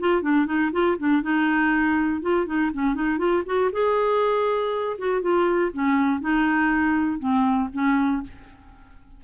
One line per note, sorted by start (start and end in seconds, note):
0.00 0.22 F4
0.22 0.46 D4
0.46 0.71 D#4
0.73 0.98 F4
0.99 1.22 D4
1.22 2.22 D#4
2.22 2.47 F4
2.47 2.72 D#4
2.74 2.95 C#4
2.95 3.18 D#4
3.18 3.43 F4
3.46 3.71 F#4
3.72 4.97 G#4
4.99 5.22 F#4
5.22 5.72 F4
5.73 6.21 C#4
6.21 7.20 D#4
7.20 7.70 C4
7.73 8.23 C#4